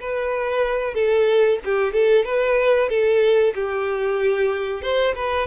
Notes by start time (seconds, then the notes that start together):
0.00 B4
0.94 A4
1.65 G4
1.93 A4
2.25 B4
2.89 A4
3.55 G4
4.82 C5
5.15 B4